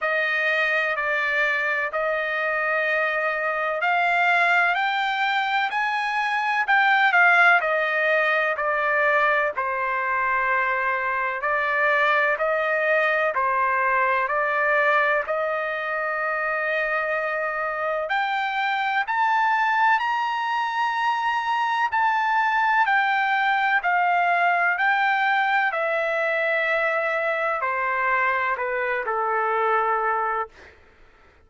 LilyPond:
\new Staff \with { instrumentName = "trumpet" } { \time 4/4 \tempo 4 = 63 dis''4 d''4 dis''2 | f''4 g''4 gis''4 g''8 f''8 | dis''4 d''4 c''2 | d''4 dis''4 c''4 d''4 |
dis''2. g''4 | a''4 ais''2 a''4 | g''4 f''4 g''4 e''4~ | e''4 c''4 b'8 a'4. | }